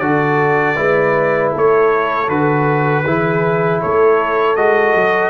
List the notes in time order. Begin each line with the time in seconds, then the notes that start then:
0.00 D3 F#4 A4 D5
0.76 G#3 E4 B4
1.53 A3 A4 C#5
2.29 D3 F#4 B4
3.05 E3 E4 G#4
3.82 A3 A4 C#5
4.56 G#3 F#4 D#5
4.96 F#3